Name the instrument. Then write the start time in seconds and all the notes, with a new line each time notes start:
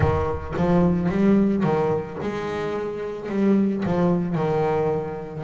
double bass
0.00 D#3
0.56 F3
1.09 G3
1.63 D#3
2.22 G#3
3.29 G3
3.85 F3
4.35 D#3